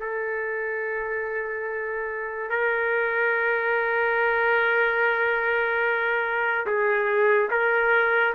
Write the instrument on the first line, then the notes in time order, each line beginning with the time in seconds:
trumpet
0.00 A4
2.50 A#4
6.67 G#4
7.51 A#4